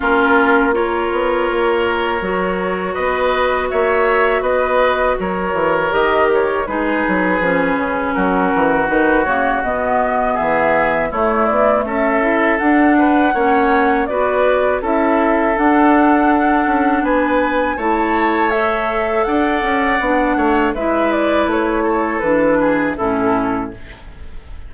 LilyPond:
<<
  \new Staff \with { instrumentName = "flute" } { \time 4/4 \tempo 4 = 81 ais'4 cis''2. | dis''4 e''4 dis''4 cis''4 | dis''8 cis''8 b'2 ais'4 | b'8 cis''8 dis''4 e''4 cis''8 d''8 |
e''4 fis''2 d''4 | e''4 fis''2 gis''4 | a''4 e''4 fis''2 | e''8 d''8 cis''4 b'4 a'4 | }
  \new Staff \with { instrumentName = "oboe" } { \time 4/4 f'4 ais'2. | b'4 cis''4 b'4 ais'4~ | ais'4 gis'2 fis'4~ | fis'2 gis'4 e'4 |
a'4. b'8 cis''4 b'4 | a'2. b'4 | cis''2 d''4. cis''8 | b'4. a'4 gis'8 e'4 | }
  \new Staff \with { instrumentName = "clarinet" } { \time 4/4 cis'4 f'2 fis'4~ | fis'1 | g'4 dis'4 cis'2 | dis'8 ais8 b2 a4~ |
a8 e'8 d'4 cis'4 fis'4 | e'4 d'2. | e'4 a'2 d'4 | e'2 d'4 cis'4 | }
  \new Staff \with { instrumentName = "bassoon" } { \time 4/4 ais4. b8 ais4 fis4 | b4 ais4 b4 fis8 e8 | dis4 gis8 fis8 f8 cis8 fis8 e8 | dis8 cis8 b,4 e4 a8 b8 |
cis'4 d'4 ais4 b4 | cis'4 d'4. cis'8 b4 | a2 d'8 cis'8 b8 a8 | gis4 a4 e4 a,4 | }
>>